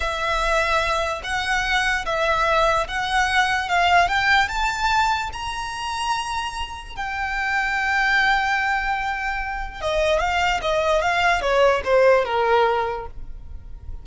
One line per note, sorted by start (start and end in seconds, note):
0.00 1.21 E5
1.23 2.05 F#5
2.05 2.87 E5
2.87 3.68 F#5
3.68 4.08 F5
4.08 4.48 G5
4.48 5.30 A5
5.33 6.96 A#5
6.96 9.81 G5
9.81 10.19 D#5
10.19 10.60 F5
10.61 11.01 D#5
11.01 11.41 F5
11.41 11.82 C#5
11.84 12.24 C5
12.24 13.06 A#4